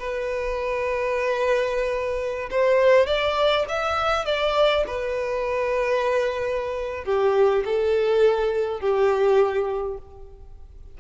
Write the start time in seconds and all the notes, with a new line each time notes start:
0.00 B4
2.51 C5
3.07 D5
3.69 E5
4.26 D5
4.87 B4
7.05 G4
7.66 A4
8.81 G4